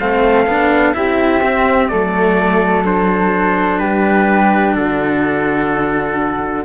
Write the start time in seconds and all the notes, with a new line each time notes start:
0.00 A3 C4 A4 F5
0.47 B3 D4
0.93 C4 E4 G4 E5
1.43 C4
1.88 F#3 A3 A4 D5
2.84 D4 C5
3.79 G3 G4 B4
4.76 D3 F#4 A4